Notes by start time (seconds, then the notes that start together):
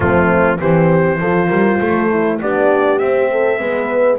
0.00 F3 A3 C4 F4
0.58 E3 C4 G4 C5
1.20 F3 F4 A4
1.48 G3 A#4
1.79 A3 A4
2.10 E4
2.41 B3 D4 G4 D5
2.98 C4 E5
3.31 A4
3.58 G#3 B3 B4